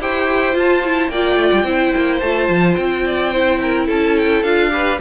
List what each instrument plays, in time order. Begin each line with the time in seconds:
0.00 cello E4, viola G4, violin C5 G5
0.53 viola F4, cello F4, violin A5
0.84 viola E4
1.09 cello A#3, viola F4, violin D5 G5
1.36 cello A3
1.52 cello G3
1.64 cello C4, viola E4, violin C5
1.96 cello A#3
2.20 cello A3, viola F4, violin A5
2.49 cello F3
2.75 cello C4, violin G5
3.05 violin D5
3.31 viola E4, violin C5
3.62 violin A#4
3.87 cello C#4, violin A4 A5
4.18 violin G5
4.43 cello D4, viola F4, violin F5
4.70 viola G4, violin B4